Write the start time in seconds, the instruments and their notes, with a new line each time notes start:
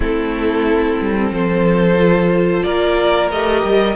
0.00 cello A3, viola C4, violin E4 A4
1.01 cello G3
1.30 cello F3, violin A4 C5
1.99 viola F4
2.63 cello A#3, violin A#4 D5
3.30 cello A3, viola G4, violin D#5
3.63 cello G3